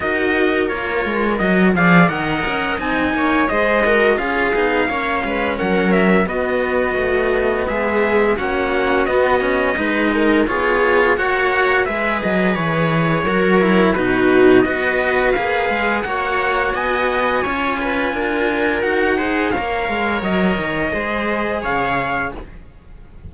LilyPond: <<
  \new Staff \with { instrumentName = "trumpet" } { \time 4/4 \tempo 4 = 86 dis''4 cis''4 dis''8 f''8 fis''4 | gis''4 dis''4 f''2 | fis''8 e''8 dis''2 e''4 | fis''4 dis''2 cis''4 |
fis''4 e''8 dis''8 cis''2 | b'4 dis''4 f''4 fis''4 | gis''2. fis''4 | f''4 dis''2 f''4 | }
  \new Staff \with { instrumentName = "viola" } { \time 4/4 ais'2~ ais'8 d''8 dis''4~ | dis''8 cis''8 c''8 ais'8 gis'4 cis''8 b'8 | ais'4 fis'2 gis'4 | fis'2 b'8 ais'8 gis'4 |
cis''4 b'2 ais'4 | fis'4 b'2 cis''4 | dis''4 cis''8 b'8 ais'4. c''8 | cis''2 c''4 cis''4 | }
  \new Staff \with { instrumentName = "cello" } { \time 4/4 fis'4 f'4 fis'8 gis'8 ais'4 | dis'4 gis'8 fis'8 f'8 dis'8 cis'4~ | cis'4 b2. | cis'4 b8 cis'8 dis'4 f'4 |
fis'4 gis'2 fis'8 e'8 | dis'4 fis'4 gis'4 fis'4~ | fis'4 f'2 fis'8 gis'8 | ais'2 gis'2 | }
  \new Staff \with { instrumentName = "cello" } { \time 4/4 dis'4 ais8 gis8 fis8 f8 dis8 cis'8 | c'8 ais8 gis4 cis'8 b8 ais8 gis8 | fis4 b4 a4 gis4 | ais4 b4 gis4 b4 |
ais4 gis8 fis8 e4 fis4 | b,4 b4 ais8 gis8 ais4 | b4 cis'4 d'4 dis'4 | ais8 gis8 fis8 dis8 gis4 cis4 | }
>>